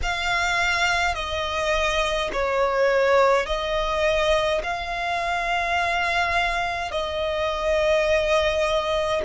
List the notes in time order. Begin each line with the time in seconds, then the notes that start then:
0.02 F5
1.14 D#5
2.32 C#5
3.46 D#5
4.63 F5
6.91 D#5